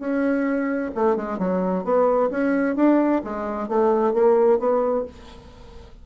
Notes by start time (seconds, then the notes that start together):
0.00 C#4
0.95 A3
1.16 G#3
1.39 F#3
1.85 B3
2.31 C#4
2.76 D4
3.25 G#3
3.69 A3
4.14 A#3
4.59 B3